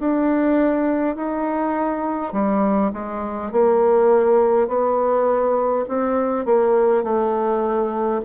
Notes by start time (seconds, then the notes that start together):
0.00 D4
1.16 D#4
2.33 G3
2.93 G#3
3.52 A#3
4.68 B3
5.89 C4
6.46 A#3
7.04 A3